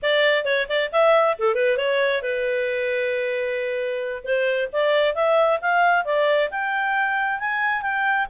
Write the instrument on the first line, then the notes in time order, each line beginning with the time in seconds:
clarinet
0.02 D5
0.45 C#5
0.68 D5
0.92 E5
1.39 A4
1.54 B4
1.77 C#5
2.21 B4
4.23 C5
4.72 D5
5.14 E5
5.61 F5
6.04 D5
6.50 G5
7.39 G#5
7.82 G5